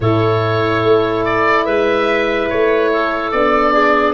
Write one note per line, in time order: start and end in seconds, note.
0.00 0.83 A2
0.00 3.34 E4
0.00 1.65 A4
0.00 1.24 C#5
0.83 1.65 A3
1.24 1.65 D5
1.65 2.49 G#3
1.65 2.90 B4
1.65 2.48 E5
2.49 3.32 A3
2.49 3.31 C#5
2.92 3.72 A4
3.31 4.13 B3
3.31 4.13 D4
3.31 4.13 D5
3.72 4.13 G#4